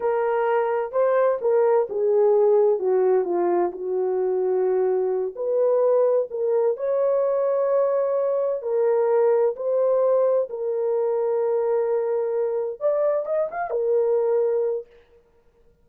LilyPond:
\new Staff \with { instrumentName = "horn" } { \time 4/4 \tempo 4 = 129 ais'2 c''4 ais'4 | gis'2 fis'4 f'4 | fis'2.~ fis'8 b'8~ | b'4. ais'4 cis''4.~ |
cis''2~ cis''8 ais'4.~ | ais'8 c''2 ais'4.~ | ais'2.~ ais'8 d''8~ | d''8 dis''8 f''8 ais'2~ ais'8 | }